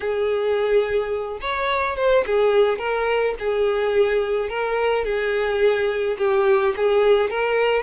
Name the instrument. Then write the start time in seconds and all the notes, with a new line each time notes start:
violin
0.00 G#4
1.40 C#5
1.96 C5
2.26 G#4
2.78 A#4
3.39 G#4
4.49 A#4
5.04 G#4
6.18 G4
6.76 G#4
7.29 A#4